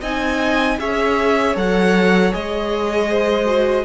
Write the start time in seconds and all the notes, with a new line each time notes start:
0.00 C4 D#4 D#5 G#5
0.78 C#4 G#4 C#5 E5
1.55 F#3 A4 F#5
2.31 G#3 G#4 D#5
3.10 C5
3.45 F#4